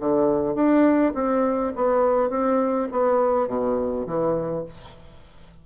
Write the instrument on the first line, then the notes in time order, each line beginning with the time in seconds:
bassoon
0.00 D3
0.55 D4
1.15 C4
1.76 B3
2.30 C4
2.92 B3
3.48 B2
4.07 E3